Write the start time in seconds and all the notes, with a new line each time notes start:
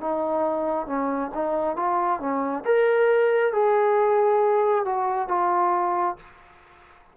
0.00 D#4
0.86 C#4
1.34 D#4
1.76 F4
2.20 C#4
2.65 A#4
3.53 G#4
4.85 F#4
5.28 F4